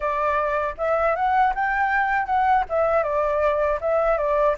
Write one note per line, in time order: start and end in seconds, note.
0.00 0.75 D5
0.77 1.15 E5
1.15 1.53 F#5
1.54 2.26 G5
2.26 2.64 F#5
2.69 3.03 E5
3.03 3.79 D5
3.80 4.17 E5
4.17 4.55 D5